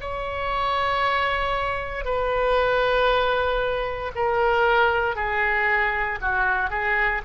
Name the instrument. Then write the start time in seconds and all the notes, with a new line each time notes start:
oboe
0.00 C#5
2.05 B4
4.15 A#4
5.15 G#4
6.21 F#4
6.70 G#4